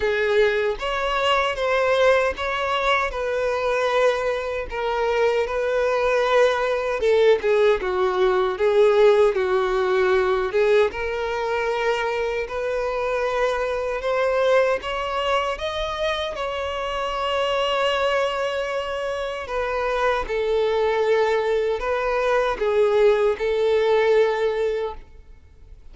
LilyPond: \new Staff \with { instrumentName = "violin" } { \time 4/4 \tempo 4 = 77 gis'4 cis''4 c''4 cis''4 | b'2 ais'4 b'4~ | b'4 a'8 gis'8 fis'4 gis'4 | fis'4. gis'8 ais'2 |
b'2 c''4 cis''4 | dis''4 cis''2.~ | cis''4 b'4 a'2 | b'4 gis'4 a'2 | }